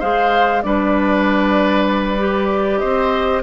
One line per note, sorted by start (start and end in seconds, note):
0.00 0.64 G#3
0.00 0.64 G#4
0.00 0.62 C5
0.00 0.63 F5
0.63 2.83 G3
0.63 2.19 D4
0.63 2.81 B4
0.63 2.79 D5
2.19 3.43 G4
2.79 3.43 C4
2.79 3.43 C5
2.79 3.42 D#5